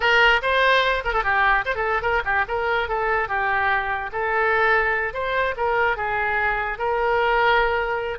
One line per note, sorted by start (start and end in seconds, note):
0.00 0.41 A#4
0.42 1.03 C5
1.04 1.13 A#4
1.13 1.23 A4
1.23 1.64 G4
1.65 1.75 C5
1.75 2.02 A4
2.02 2.22 A#4
2.24 2.45 G4
2.48 2.88 A#4
2.88 3.28 A4
3.28 4.10 G4
4.12 5.13 A4
5.13 5.54 C5
5.56 5.96 A#4
5.96 6.78 G#4
6.78 8.18 A#4